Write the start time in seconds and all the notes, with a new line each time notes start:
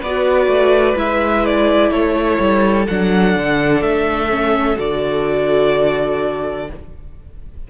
0.00 B3 B4 D5
0.07 F#4
0.47 A3
0.96 G#3 E4 E5
1.45 D5
1.91 A3 A4 C#5
2.39 G3
2.87 F#3 D4 F#5
3.36 D3
3.82 A3 E5
4.30 C#4
4.77 D3 F#4 D5